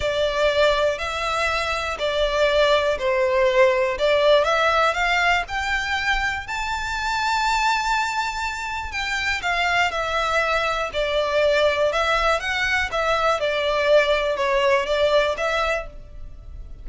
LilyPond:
\new Staff \with { instrumentName = "violin" } { \time 4/4 \tempo 4 = 121 d''2 e''2 | d''2 c''2 | d''4 e''4 f''4 g''4~ | g''4 a''2.~ |
a''2 g''4 f''4 | e''2 d''2 | e''4 fis''4 e''4 d''4~ | d''4 cis''4 d''4 e''4 | }